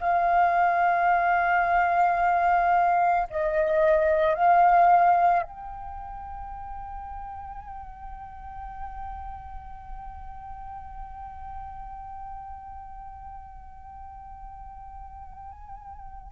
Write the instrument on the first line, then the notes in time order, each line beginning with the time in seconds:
flute
0.00 F5
3.30 D#5
4.35 F5
5.42 G5